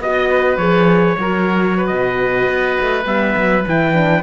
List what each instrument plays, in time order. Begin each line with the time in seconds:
0.00 cello B3, horn F#4, trumpet D#5, oboe D#5
0.29 oboe B4
0.57 cello F3, horn G#4, trumpet C#5
1.17 cello F#3, horn F#4, oboe A#4
1.77 oboe B4
1.87 cello B2, trumpet D#5
2.48 cello B3
2.80 cello A3
3.05 cello G3, horn B3, trumpet E5
3.36 cello F#3
3.65 cello E3, horn E4, trumpet G5
3.93 horn D4